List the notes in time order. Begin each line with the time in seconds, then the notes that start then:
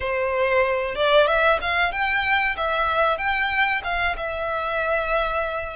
0.00 C5
0.95 D5
1.26 E5
1.61 F5
1.91 G5
2.56 E5
3.17 G5
3.84 F5
4.17 E5